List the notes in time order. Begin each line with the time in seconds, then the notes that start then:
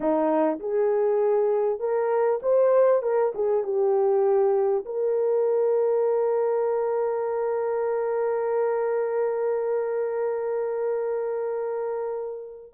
0.00 D#4
0.59 G#4
1.79 A#4
2.42 C5
3.02 A#4
3.34 G#4
3.63 G4
4.85 A#4